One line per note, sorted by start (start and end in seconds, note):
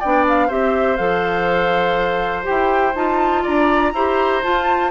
0.00 0.50 B3
0.00 0.50 D4
0.00 0.48 D5
0.00 0.26 G5
0.29 0.51 F5
0.48 0.99 C4
0.48 0.98 G4
0.48 3.43 C5
0.48 0.97 E5
0.97 2.47 F3
0.97 2.44 A4
0.97 2.45 F5
2.44 2.93 G4
2.44 2.95 G5
2.50 2.95 E4
2.95 3.45 D#4
2.95 3.95 F4
2.95 3.45 A5
3.43 3.94 D4
3.43 3.93 D5
3.43 4.43 A#5
3.94 4.43 E4
3.94 4.43 G4
3.94 4.92 C5
4.43 4.92 F4
4.43 4.92 A5